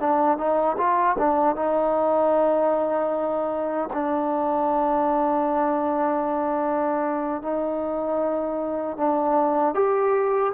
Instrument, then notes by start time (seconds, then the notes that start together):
trombone
0.00 D4
0.38 D#4
0.78 F4
1.19 D4
1.56 D#4
3.94 D4
7.42 D#4
8.97 D4
9.75 G4